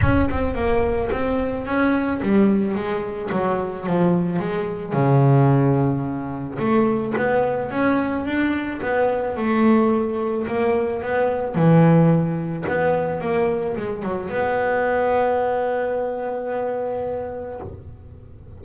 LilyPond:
\new Staff \with { instrumentName = "double bass" } { \time 4/4 \tempo 4 = 109 cis'8 c'8 ais4 c'4 cis'4 | g4 gis4 fis4 f4 | gis4 cis2. | a4 b4 cis'4 d'4 |
b4 a2 ais4 | b4 e2 b4 | ais4 gis8 fis8 b2~ | b1 | }